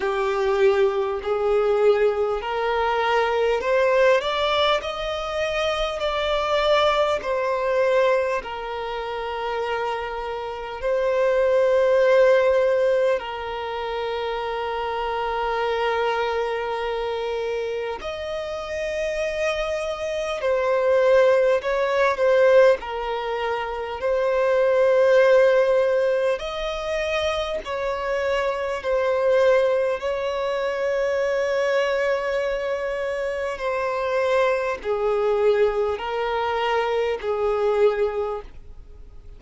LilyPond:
\new Staff \with { instrumentName = "violin" } { \time 4/4 \tempo 4 = 50 g'4 gis'4 ais'4 c''8 d''8 | dis''4 d''4 c''4 ais'4~ | ais'4 c''2 ais'4~ | ais'2. dis''4~ |
dis''4 c''4 cis''8 c''8 ais'4 | c''2 dis''4 cis''4 | c''4 cis''2. | c''4 gis'4 ais'4 gis'4 | }